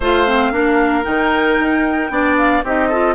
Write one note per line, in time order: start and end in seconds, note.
0.00 0.51 A3
0.00 0.26 F4
0.00 0.52 C5
0.00 1.04 F5
0.26 0.53 C4
0.51 1.04 A#3
0.51 1.03 D4
0.51 2.11 A#4
1.03 1.59 D#3
1.03 2.08 D#4
1.03 2.36 G5
1.59 2.10 D#4
2.10 2.62 B3
2.10 2.63 D4
2.10 2.64 D5
2.37 2.63 F5
2.63 3.14 C4
2.63 2.91 D#4
2.63 2.88 G4
2.63 3.14 D#5
2.88 3.14 F4
2.88 3.14 A4